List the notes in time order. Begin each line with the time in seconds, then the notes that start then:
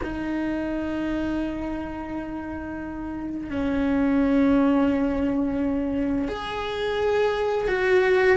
0.03 D#4
3.50 C#4
6.28 G#4
7.67 F#4